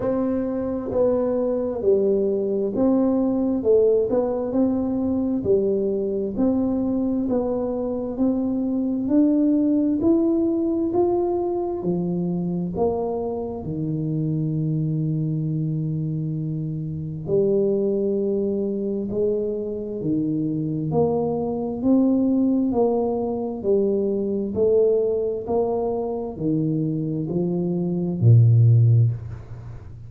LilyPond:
\new Staff \with { instrumentName = "tuba" } { \time 4/4 \tempo 4 = 66 c'4 b4 g4 c'4 | a8 b8 c'4 g4 c'4 | b4 c'4 d'4 e'4 | f'4 f4 ais4 dis4~ |
dis2. g4~ | g4 gis4 dis4 ais4 | c'4 ais4 g4 a4 | ais4 dis4 f4 ais,4 | }